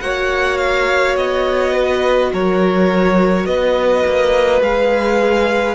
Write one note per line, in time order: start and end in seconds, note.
0.00 1.17 A#3
0.00 4.61 F#4
0.00 1.73 C#5
0.00 0.58 F#5
0.58 1.15 F5
1.17 2.32 B3
1.17 2.32 D#5
1.73 2.31 B4
2.33 3.46 F#3
2.33 3.46 A#4
2.33 3.46 C#5
3.46 4.04 B3
3.46 5.75 B4
3.46 4.62 D#5
4.05 4.61 A#3
4.61 5.75 G#3
4.61 5.75 G#4
4.61 5.75 F5